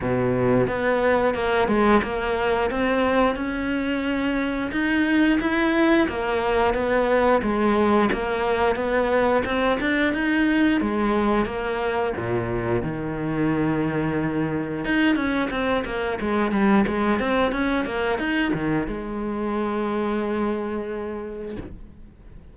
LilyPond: \new Staff \with { instrumentName = "cello" } { \time 4/4 \tempo 4 = 89 b,4 b4 ais8 gis8 ais4 | c'4 cis'2 dis'4 | e'4 ais4 b4 gis4 | ais4 b4 c'8 d'8 dis'4 |
gis4 ais4 ais,4 dis4~ | dis2 dis'8 cis'8 c'8 ais8 | gis8 g8 gis8 c'8 cis'8 ais8 dis'8 dis8 | gis1 | }